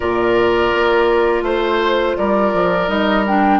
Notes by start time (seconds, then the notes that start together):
0.00 A#2 F4 A#4 D5
0.73 A#3
1.42 A3 C5
2.16 G3 A#4 D5
2.53 F3
2.87 G3 D#4 D#5
3.27 D4 G5